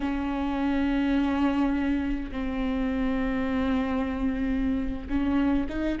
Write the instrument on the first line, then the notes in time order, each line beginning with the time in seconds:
viola
0.00 C#4
2.31 C4
5.09 C#4
5.69 D#4